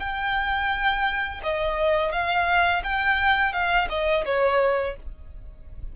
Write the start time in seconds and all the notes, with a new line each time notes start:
0.00 G5
1.43 D#5
2.12 F5
2.84 G5
3.53 F5
3.90 D#5
4.26 C#5